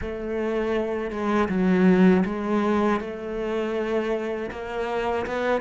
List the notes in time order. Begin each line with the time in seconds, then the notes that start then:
0.01 A3
1.10 G#3
1.48 F#3
2.25 G#3
3.00 A3
4.50 A#3
5.26 B3